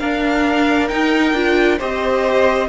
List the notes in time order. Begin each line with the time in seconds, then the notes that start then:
0.00 D4 A#4 F5
0.89 D#4 G5
1.33 D4 F4
1.79 C4 G4 C5 D#5